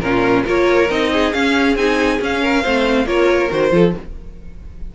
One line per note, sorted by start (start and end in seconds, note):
0.00 0.44 A#2
0.00 0.45 C#4
0.00 0.44 F4
0.00 0.43 A#4
0.44 0.90 A#3
0.44 0.88 F4
0.44 1.10 A#4
0.44 0.90 C#5
0.90 1.33 C4
0.90 1.33 D#4
0.90 1.33 D#5
1.12 2.42 G#4
1.33 1.77 C#4
1.33 1.76 C#4
1.33 1.76 F5
1.76 2.19 C4
1.76 2.20 D#4
1.76 2.20 G#5
2.20 2.63 C#4
2.20 2.65 C#4
2.20 3.07 F5
2.42 2.62 A#4
2.62 3.06 A3
2.62 3.06 C4
2.62 3.06 C5
3.06 3.49 A#3
3.06 3.49 F4
3.06 3.73 A#4
3.06 3.51 C#5
3.50 3.72 D#3
3.50 3.71 F#4
3.50 3.95 C5
3.71 3.94 F3
3.71 3.93 F4
3.71 3.95 A4